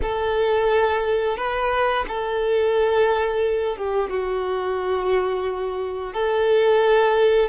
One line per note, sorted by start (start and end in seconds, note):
0.02 1.37 A4
1.37 2.05 B4
2.08 3.76 A4
3.76 4.10 G4
4.10 6.13 F#4
6.13 7.49 A4